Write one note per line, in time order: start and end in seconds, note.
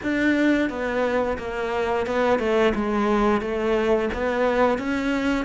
0.02 0.69 D4
0.69 1.37 B3
1.38 2.06 A#3
2.06 2.39 B3
2.39 2.73 A3
2.74 3.41 G#3
3.41 4.09 A3
4.13 4.78 B3
4.78 5.45 C#4